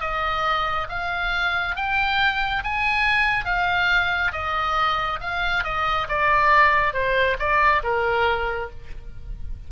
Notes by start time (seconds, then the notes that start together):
0.00 D#5
0.89 F5
1.75 G5
2.63 G#5
3.44 F5
4.32 D#5
5.20 F5
5.63 D#5
6.08 D5
6.93 C5
7.38 D5
7.83 A#4